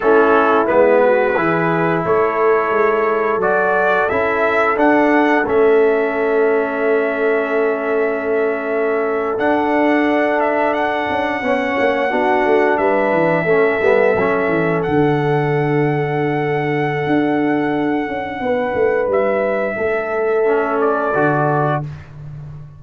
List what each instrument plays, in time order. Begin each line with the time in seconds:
0.00 tuba A3, trombone C#4, horn E4, trumpet A4
0.66 tuba G#3, trombone B3, trumpet B4
1.03 horn F#4
1.36 tuba E3, trombone E4, horn G#4
2.05 tuba A3, horn A4, trumpet C#5
2.70 tuba G#3
3.37 tuba F#3, trombone F#4, trumpet D5
4.09 tuba C#4, trombone E4, trumpet E5
4.76 trombone D4, tuba D4, trumpet F#5
5.45 tuba A3, trombone C#4, trumpet E5
9.38 tuba D4, trombone D4, trumpet F#5
10.40 trumpet E5
10.73 trumpet F#5
11.09 tuba C#4
11.41 tuba B3, trombone C#4, horn C#5
11.77 tuba A#3
12.09 tuba B3, trombone D4, horn F#4
12.45 tuba A3
12.77 tuba G3, horn B4, trumpet E5
13.12 tuba E3
13.44 tuba A3, trombone C#4, horn A4
13.81 tuba G3, trombone B3
14.15 tuba F#3, trombone C#4
14.48 tuba E3
14.82 tuba D3, trombone D4, trumpet F#5
17.06 tuba D4
18.07 tuba C#4
18.40 tuba B3, horn B4
18.74 tuba A3
19.07 tuba G3, trumpet E5
19.76 tuba A3, horn A4
20.45 trombone C#4
20.80 trumpet D5
21.14 tuba D3, trombone F#4